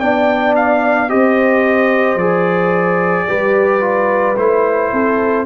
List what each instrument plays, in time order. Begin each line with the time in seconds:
0.00 tuba B3, trombone D4, horn D5, trumpet G5
0.56 trumpet F5
1.09 tuba C4, trombone G4, horn C5, trumpet D#5
2.16 tuba F3, trombone G#4, trumpet D5
3.28 tuba G3, trombone G4, horn B4
3.81 trombone F4
4.37 tuba A3, trombone E4, trumpet C5
4.93 tuba C4, horn A4